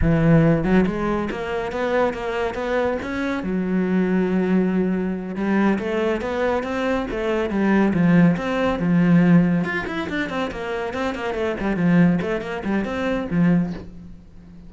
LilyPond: \new Staff \with { instrumentName = "cello" } { \time 4/4 \tempo 4 = 140 e4. fis8 gis4 ais4 | b4 ais4 b4 cis'4 | fis1~ | fis8 g4 a4 b4 c'8~ |
c'8 a4 g4 f4 c'8~ | c'8 f2 f'8 e'8 d'8 | c'8 ais4 c'8 ais8 a8 g8 f8~ | f8 a8 ais8 g8 c'4 f4 | }